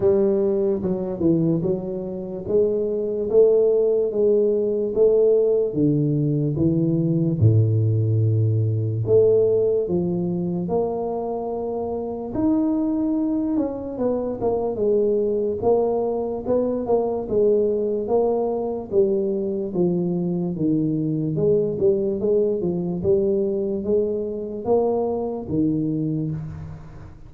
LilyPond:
\new Staff \with { instrumentName = "tuba" } { \time 4/4 \tempo 4 = 73 g4 fis8 e8 fis4 gis4 | a4 gis4 a4 d4 | e4 a,2 a4 | f4 ais2 dis'4~ |
dis'8 cis'8 b8 ais8 gis4 ais4 | b8 ais8 gis4 ais4 g4 | f4 dis4 gis8 g8 gis8 f8 | g4 gis4 ais4 dis4 | }